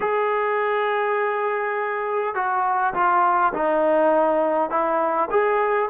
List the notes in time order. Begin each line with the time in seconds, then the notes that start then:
0.00 G#4
2.34 F#4
2.94 F4
3.53 D#4
4.70 E4
5.30 G#4